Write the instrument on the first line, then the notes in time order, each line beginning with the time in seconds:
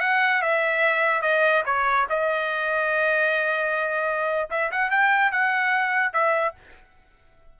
trumpet
0.00 F#5
0.42 E5
1.22 D#5
1.65 C#5
2.09 D#5
4.50 E5
4.71 F#5
4.90 G5
5.31 F#5
6.13 E5